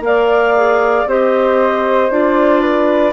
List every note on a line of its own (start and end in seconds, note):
0.00 1.03 A#3
0.00 0.55 A#4
0.00 1.08 D5
0.00 1.07 F5
0.55 1.07 G#4
1.06 2.09 C4
1.06 2.11 G4
1.06 2.61 C5
1.06 2.11 D#5
2.10 3.13 D4
2.10 3.13 F4
2.10 3.13 D5
2.61 3.12 B4